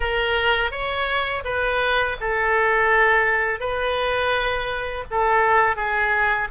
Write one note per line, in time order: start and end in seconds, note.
0.00 0.71 A#4
0.71 1.43 C#5
1.44 2.17 B4
2.20 3.59 A4
3.59 5.04 B4
5.11 5.75 A4
5.75 6.48 G#4